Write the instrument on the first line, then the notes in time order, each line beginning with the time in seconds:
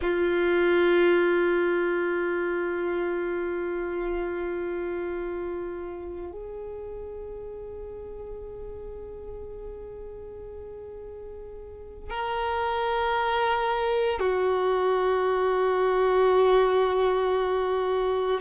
violin
0.01 F4
6.32 G#4
12.10 A#4
14.19 F#4